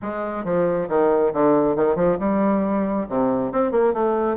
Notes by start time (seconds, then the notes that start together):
0.02 G#3
0.44 F3
0.88 D#3
1.33 D3
1.76 D#3
1.95 F3
2.19 G3
3.09 C3
3.52 C4
3.71 A#3
3.93 A3